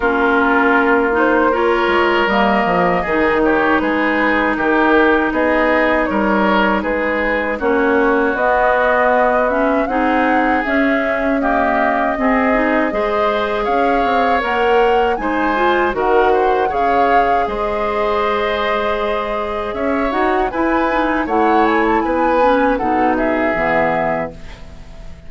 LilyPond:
<<
  \new Staff \with { instrumentName = "flute" } { \time 4/4 \tempo 4 = 79 ais'4. c''8 cis''4 dis''4~ | dis''8 cis''8 b'4 ais'4 dis''4 | cis''4 b'4 cis''4 dis''4~ | dis''8 e''8 fis''4 e''4 dis''4~ |
dis''2 f''4 fis''4 | gis''4 fis''4 f''4 dis''4~ | dis''2 e''8 fis''8 gis''4 | fis''8 gis''16 a''16 gis''4 fis''8 e''4. | }
  \new Staff \with { instrumentName = "oboe" } { \time 4/4 f'2 ais'2 | gis'8 g'8 gis'4 g'4 gis'4 | ais'4 gis'4 fis'2~ | fis'4 gis'2 g'4 |
gis'4 c''4 cis''2 | c''4 ais'8 c''8 cis''4 c''4~ | c''2 cis''4 b'4 | cis''4 b'4 a'8 gis'4. | }
  \new Staff \with { instrumentName = "clarinet" } { \time 4/4 cis'4. dis'8 f'4 ais4 | dis'1~ | dis'2 cis'4 b4~ | b8 cis'8 dis'4 cis'4 ais4 |
c'8 dis'8 gis'2 ais'4 | dis'8 f'8 fis'4 gis'2~ | gis'2~ gis'8 fis'8 e'8 dis'8 | e'4. cis'8 dis'4 b4 | }
  \new Staff \with { instrumentName = "bassoon" } { \time 4/4 ais2~ ais8 gis8 g8 f8 | dis4 gis4 dis4 b4 | g4 gis4 ais4 b4~ | b4 c'4 cis'2 |
c'4 gis4 cis'8 c'8 ais4 | gis4 dis4 cis4 gis4~ | gis2 cis'8 dis'8 e'4 | a4 b4 b,4 e4 | }
>>